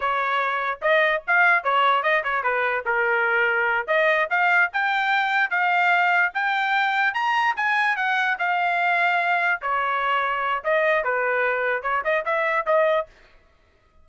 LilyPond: \new Staff \with { instrumentName = "trumpet" } { \time 4/4 \tempo 4 = 147 cis''2 dis''4 f''4 | cis''4 dis''8 cis''8 b'4 ais'4~ | ais'4. dis''4 f''4 g''8~ | g''4. f''2 g''8~ |
g''4. ais''4 gis''4 fis''8~ | fis''8 f''2. cis''8~ | cis''2 dis''4 b'4~ | b'4 cis''8 dis''8 e''4 dis''4 | }